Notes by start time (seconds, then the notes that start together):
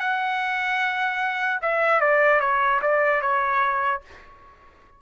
0.00 F#5
1.62 E5
2.01 D5
2.40 C#5
2.82 D5
3.22 C#5